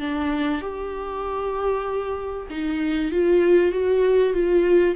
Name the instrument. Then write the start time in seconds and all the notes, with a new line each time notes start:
viola
0.00 D4
0.61 G4
2.50 D#4
3.12 F4
3.72 F#4
4.33 F4